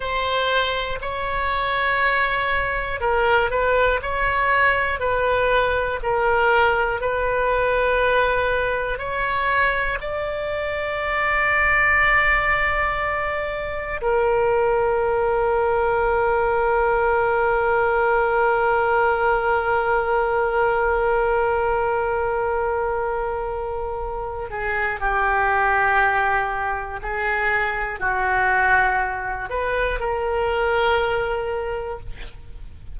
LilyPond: \new Staff \with { instrumentName = "oboe" } { \time 4/4 \tempo 4 = 60 c''4 cis''2 ais'8 b'8 | cis''4 b'4 ais'4 b'4~ | b'4 cis''4 d''2~ | d''2 ais'2~ |
ais'1~ | ais'1~ | ais'8 gis'8 g'2 gis'4 | fis'4. b'8 ais'2 | }